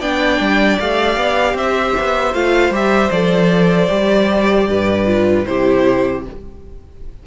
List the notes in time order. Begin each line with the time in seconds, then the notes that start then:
0.00 B3 D4 D5 G5
0.40 G3
0.80 A3 G4 F5
1.17 B3
1.54 C4 C5 E5
2.00 B3
2.34 A3 F4 F5
2.71 G3 G4 E5
3.11 F3 A4 D5
3.89 G3 G4
4.68 G2 B4
5.06 F4
5.46 C3 E4 G4 C5